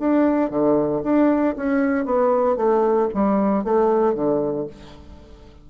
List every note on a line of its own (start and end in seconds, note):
0.00 0.50 D4
0.50 1.02 D3
1.03 1.56 D4
1.57 2.06 C#4
2.06 2.57 B3
2.57 3.09 A3
3.14 3.64 G3
3.64 4.15 A3
4.15 4.67 D3